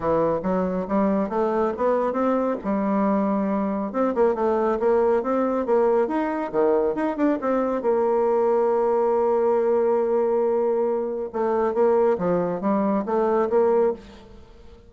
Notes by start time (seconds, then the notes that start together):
0.00 E3
0.42 F#3
0.87 G3
1.29 A3
1.77 B3
2.12 C4
2.64 G3
3.92 C4
4.14 A#3
4.34 A3
4.79 A#3
5.23 C4
5.66 A#3
6.07 D#4
6.52 D#3
6.95 D#4
7.16 D4
7.41 C4
7.82 A#3
11.33 A3
11.74 A#3
12.17 F3
12.60 G3
13.05 A3
13.49 A#3